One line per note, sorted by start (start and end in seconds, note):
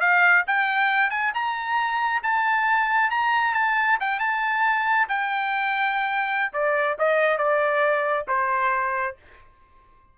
0.00 0.44 F5
0.47 1.10 G5
1.10 1.32 G#5
1.34 2.22 A#5
2.23 3.10 A5
3.10 3.54 A#5
3.54 3.98 A5
4.00 4.19 G5
4.19 5.08 A5
5.09 6.52 G5
6.53 6.97 D5
6.98 7.38 D#5
7.38 8.26 D5
8.28 9.16 C5